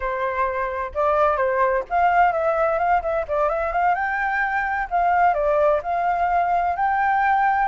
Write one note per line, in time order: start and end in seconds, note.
0.00 0.92 C5
0.94 1.36 D5
1.36 1.83 C5
1.89 2.32 F5
2.32 2.78 E5
2.78 3.01 F5
3.01 3.25 E5
3.28 3.49 D5
3.49 3.72 E5
3.72 3.94 F5
3.94 4.87 G5
4.90 5.34 F5
5.34 5.80 D5
5.82 6.75 F5
6.76 7.68 G5